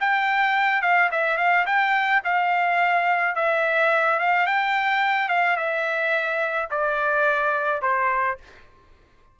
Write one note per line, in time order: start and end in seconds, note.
0.00 0.82 G5
0.82 1.10 F5
1.11 1.37 E5
1.37 1.65 F5
1.66 2.22 G5
2.24 3.35 F5
3.35 4.19 E5
4.19 4.46 F5
4.46 5.28 G5
5.28 5.56 F5
5.56 6.69 E5
6.70 7.82 D5
7.82 8.38 C5